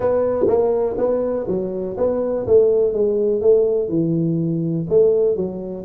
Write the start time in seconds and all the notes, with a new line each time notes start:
0.00 B3
0.47 A#3
0.97 B3
1.47 F#3
1.97 B3
2.47 A3
2.93 G#3
3.41 A3
3.88 E3
4.89 A3
5.36 F#3